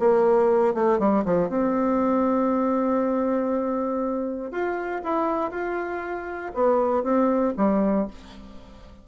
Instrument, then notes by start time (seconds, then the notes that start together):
bassoon
0.00 A#3
0.75 A3
1.00 G3
1.25 F3
1.50 C4
4.52 F4
5.04 E4
5.51 F4
6.55 B3
7.04 C4
7.57 G3